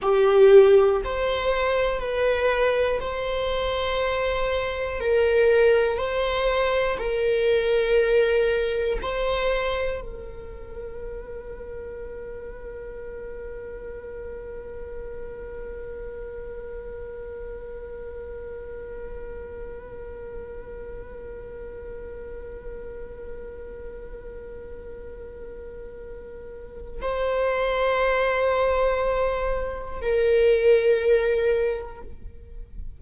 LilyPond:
\new Staff \with { instrumentName = "viola" } { \time 4/4 \tempo 4 = 60 g'4 c''4 b'4 c''4~ | c''4 ais'4 c''4 ais'4~ | ais'4 c''4 ais'2~ | ais'1~ |
ais'1~ | ais'1~ | ais'2. c''4~ | c''2 ais'2 | }